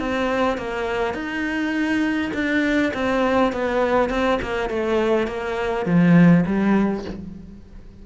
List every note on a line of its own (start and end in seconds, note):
0.00 0.58 C4
0.58 1.14 A#3
1.14 2.32 D#4
2.34 2.93 D4
2.94 3.53 C4
3.53 4.10 B3
4.10 4.39 C4
4.42 4.70 A#3
4.70 5.27 A3
5.27 5.86 A#3
5.86 6.45 F3
6.46 7.05 G3